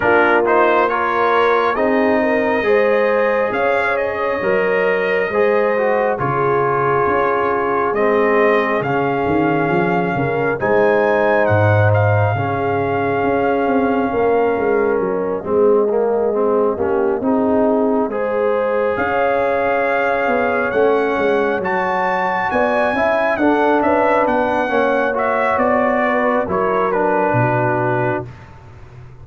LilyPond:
<<
  \new Staff \with { instrumentName = "trumpet" } { \time 4/4 \tempo 4 = 68 ais'8 c''8 cis''4 dis''2 | f''8 dis''2~ dis''8 cis''4~ | cis''4 dis''4 f''2 | gis''4 fis''8 f''2~ f''8~ |
f''4 dis''2.~ | dis''4. f''2 fis''8~ | fis''8 a''4 gis''4 fis''8 e''8 fis''8~ | fis''8 e''8 d''4 cis''8 b'4. | }
  \new Staff \with { instrumentName = "horn" } { \time 4/4 f'4 ais'4 gis'8 ais'8 c''4 | cis''2 c''4 gis'4~ | gis'2.~ gis'8 ais'8 | c''2 gis'2 |
ais'4. gis'4. g'8 gis'8~ | gis'8 c''4 cis''2~ cis''8~ | cis''4. d''8 e''8 a'8 b'4 | cis''4. b'8 ais'4 fis'4 | }
  \new Staff \with { instrumentName = "trombone" } { \time 4/4 d'8 dis'8 f'4 dis'4 gis'4~ | gis'4 ais'4 gis'8 fis'8 f'4~ | f'4 c'4 cis'2 | dis'2 cis'2~ |
cis'4. c'8 ais8 c'8 cis'8 dis'8~ | dis'8 gis'2. cis'8~ | cis'8 fis'4. e'8 d'4. | cis'8 fis'4. e'8 d'4. | }
  \new Staff \with { instrumentName = "tuba" } { \time 4/4 ais2 c'4 gis4 | cis'4 fis4 gis4 cis4 | cis'4 gis4 cis8 dis8 f8 cis8 | gis4 gis,4 cis4 cis'8 c'8 |
ais8 gis8 fis8 gis4. ais8 c'8~ | c'8 gis4 cis'4. b8 a8 | gis8 fis4 b8 cis'8 d'8 cis'8 b8 | ais4 b4 fis4 b,4 | }
>>